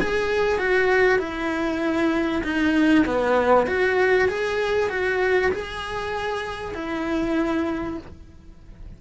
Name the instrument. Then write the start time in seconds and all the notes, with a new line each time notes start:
cello
0.00 G#4
0.58 F#4
1.18 E4
2.43 D#4
3.05 B3
3.66 F#4
4.28 G#4
4.89 F#4
5.51 G#4
6.74 E4